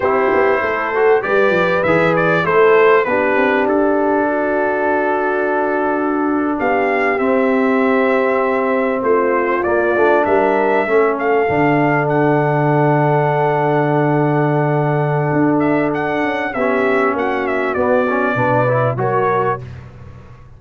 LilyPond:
<<
  \new Staff \with { instrumentName = "trumpet" } { \time 4/4 \tempo 4 = 98 c''2 d''4 e''8 d''8 | c''4 b'4 a'2~ | a'2~ a'8. f''4 e''16~ | e''2~ e''8. c''4 d''16~ |
d''8. e''4. f''4. fis''16~ | fis''1~ | fis''4. e''8 fis''4 e''4 | fis''8 e''8 d''2 cis''4 | }
  \new Staff \with { instrumentName = "horn" } { \time 4/4 g'4 a'4 b'2 | a'4 g'2 fis'4~ | fis'2~ fis'8. g'4~ g'16~ | g'2~ g'8. f'4~ f'16~ |
f'8. ais'4 a'2~ a'16~ | a'1~ | a'2. g'4 | fis'2 b'4 ais'4 | }
  \new Staff \with { instrumentName = "trombone" } { \time 4/4 e'4. fis'8 g'4 gis'4 | e'4 d'2.~ | d'2.~ d'8. c'16~ | c'2.~ c'8. ais16~ |
ais16 d'4. cis'4 d'4~ d'16~ | d'1~ | d'2. cis'4~ | cis'4 b8 cis'8 d'8 e'8 fis'4 | }
  \new Staff \with { instrumentName = "tuba" } { \time 4/4 c'8 b8 a4 g8 f8 e4 | a4 b8 c'8 d'2~ | d'2~ d'8. b4 c'16~ | c'2~ c'8. a4 ais16~ |
ais16 a8 g4 a4 d4~ d16~ | d1~ | d4 d'4. cis'8 b4 | ais4 b4 b,4 fis4 | }
>>